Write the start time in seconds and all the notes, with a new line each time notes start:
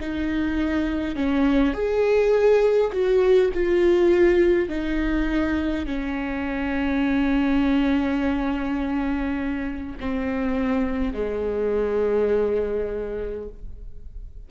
0.00 D#4
1.16 C#4
1.73 G#4
2.92 F#4
3.53 F4
4.68 D#4
5.86 C#4
9.99 C4
11.13 G#3